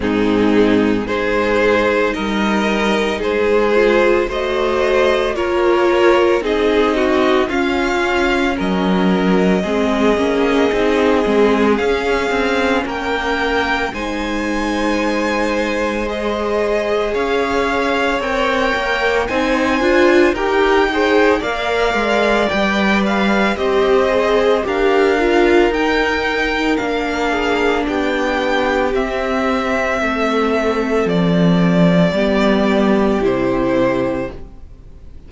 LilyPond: <<
  \new Staff \with { instrumentName = "violin" } { \time 4/4 \tempo 4 = 56 gis'4 c''4 dis''4 c''4 | dis''4 cis''4 dis''4 f''4 | dis''2. f''4 | g''4 gis''2 dis''4 |
f''4 g''4 gis''4 g''4 | f''4 g''8 f''8 dis''4 f''4 | g''4 f''4 g''4 e''4~ | e''4 d''2 c''4 | }
  \new Staff \with { instrumentName = "violin" } { \time 4/4 dis'4 gis'4 ais'4 gis'4 | c''4 ais'4 gis'8 fis'8 f'4 | ais'4 gis'2. | ais'4 c''2. |
cis''2 c''4 ais'8 c''8 | d''2 c''4 ais'4~ | ais'4. gis'8 g'2 | a'2 g'2 | }
  \new Staff \with { instrumentName = "viola" } { \time 4/4 c'4 dis'2~ dis'8 f'8 | fis'4 f'4 dis'4 cis'4~ | cis'4 c'8 cis'8 dis'8 c'8 cis'4~ | cis'4 dis'2 gis'4~ |
gis'4 ais'4 dis'8 f'8 g'8 gis'8 | ais'4 b'4 g'8 gis'8 g'8 f'8 | dis'4 d'2 c'4~ | c'2 b4 e'4 | }
  \new Staff \with { instrumentName = "cello" } { \time 4/4 gis,4 gis4 g4 gis4 | a4 ais4 c'4 cis'4 | fis4 gis8 ais8 c'8 gis8 cis'8 c'8 | ais4 gis2. |
cis'4 c'8 ais8 c'8 d'8 dis'4 | ais8 gis8 g4 c'4 d'4 | dis'4 ais4 b4 c'4 | a4 f4 g4 c4 | }
>>